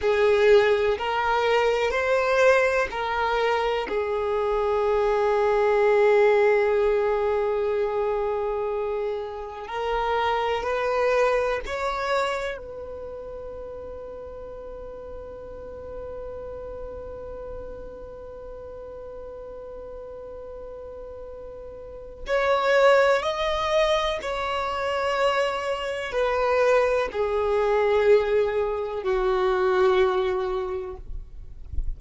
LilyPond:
\new Staff \with { instrumentName = "violin" } { \time 4/4 \tempo 4 = 62 gis'4 ais'4 c''4 ais'4 | gis'1~ | gis'2 ais'4 b'4 | cis''4 b'2.~ |
b'1~ | b'2. cis''4 | dis''4 cis''2 b'4 | gis'2 fis'2 | }